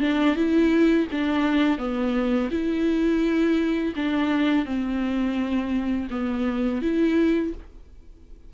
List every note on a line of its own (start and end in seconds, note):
0.00 0.35 D4
0.35 1.07 E4
1.11 1.78 D4
1.78 2.49 B3
2.51 3.94 E4
3.96 4.65 D4
4.65 6.08 C4
6.10 6.81 B3
6.82 7.53 E4